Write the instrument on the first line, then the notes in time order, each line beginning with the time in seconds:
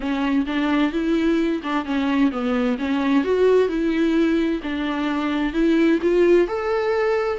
viola
0.00 C#4
0.46 D4
0.92 E4
1.63 D4
1.85 C#4
2.31 B3
2.78 C#4
3.24 F#4
3.68 E4
4.63 D4
5.53 E4
6.01 F4
6.47 A4